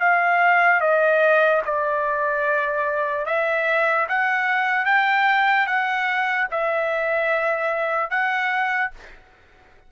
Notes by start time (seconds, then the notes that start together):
0.00 F5
0.81 D#5
1.66 D5
3.26 E5
4.09 F#5
4.86 G5
5.67 F#5
6.51 E5
8.10 F#5